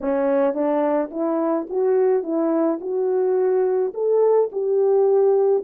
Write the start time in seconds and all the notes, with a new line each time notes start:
0.00 C#4
0.54 D4
1.10 E4
1.69 F#4
2.23 E4
2.80 F#4
3.94 A4
4.51 G4